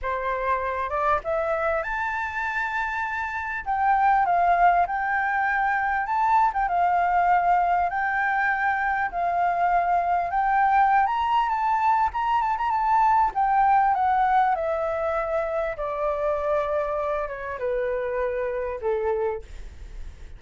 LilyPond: \new Staff \with { instrumentName = "flute" } { \time 4/4 \tempo 4 = 99 c''4. d''8 e''4 a''4~ | a''2 g''4 f''4 | g''2 a''8. g''16 f''4~ | f''4 g''2 f''4~ |
f''4 g''4~ g''16 ais''8. a''4 | ais''8 a''16 ais''16 a''4 g''4 fis''4 | e''2 d''2~ | d''8 cis''8 b'2 a'4 | }